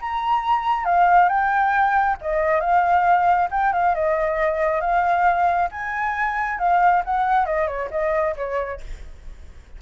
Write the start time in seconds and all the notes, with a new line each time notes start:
0.00 A#5
0.85 F5
1.28 G5
2.21 D#5
2.60 F5
3.51 G5
3.72 F5
3.95 D#5
4.81 F5
5.71 G#5
6.59 F5
7.05 F#5
7.46 D#5
7.67 C#5
7.91 D#5
8.36 C#5